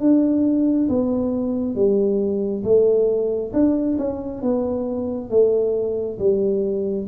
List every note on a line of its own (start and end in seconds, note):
0.00 0.88 D4
0.89 1.75 B3
1.75 2.63 G3
2.64 3.52 A3
3.53 3.97 D4
3.98 4.42 C#4
4.42 5.30 B3
5.30 6.18 A3
6.19 7.07 G3